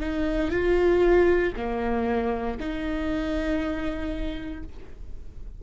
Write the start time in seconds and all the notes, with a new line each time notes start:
0.00 D#4
0.51 F4
1.57 A#3
2.60 D#4